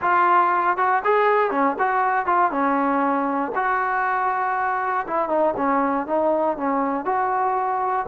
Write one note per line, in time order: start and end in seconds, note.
0.01 0.77 F4
0.77 1.02 F#4
1.04 1.50 G#4
1.50 1.76 C#4
1.78 2.26 F#4
2.26 2.51 F4
2.51 3.52 C#4
3.55 5.06 F#4
5.07 5.28 E4
5.28 5.54 D#4
5.56 6.06 C#4
6.06 6.57 D#4
6.57 7.05 C#4
7.05 8.06 F#4